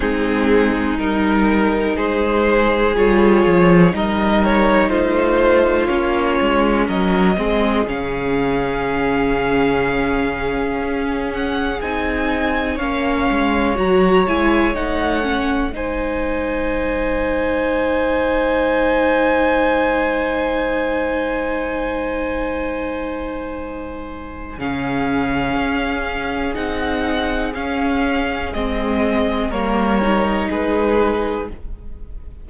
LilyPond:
<<
  \new Staff \with { instrumentName = "violin" } { \time 4/4 \tempo 4 = 61 gis'4 ais'4 c''4 cis''4 | dis''8 cis''8 c''4 cis''4 dis''4 | f''2.~ f''8 fis''8 | gis''4 f''4 ais''8 gis''8 fis''4 |
gis''1~ | gis''1~ | gis''4 f''2 fis''4 | f''4 dis''4 cis''4 b'4 | }
  \new Staff \with { instrumentName = "violin" } { \time 4/4 dis'2 gis'2 | ais'4 f'2 ais'8 gis'8~ | gis'1~ | gis'4 cis''2. |
c''1~ | c''1~ | c''4 gis'2.~ | gis'2 ais'4 gis'4 | }
  \new Staff \with { instrumentName = "viola" } { \time 4/4 c'4 dis'2 f'4 | dis'2 cis'4. c'8 | cis'1 | dis'4 cis'4 fis'8 e'8 dis'8 cis'8 |
dis'1~ | dis'1~ | dis'4 cis'2 dis'4 | cis'4 c'4 ais8 dis'4. | }
  \new Staff \with { instrumentName = "cello" } { \time 4/4 gis4 g4 gis4 g8 f8 | g4 a4 ais8 gis8 fis8 gis8 | cis2. cis'4 | c'4 ais8 gis8 fis8 gis8 a4 |
gis1~ | gis1~ | gis4 cis4 cis'4 c'4 | cis'4 gis4 g4 gis4 | }
>>